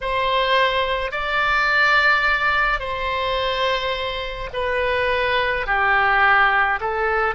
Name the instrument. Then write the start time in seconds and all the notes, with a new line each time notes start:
oboe
0.00 C5
1.11 D5
2.79 C5
4.53 B4
5.66 G4
6.80 A4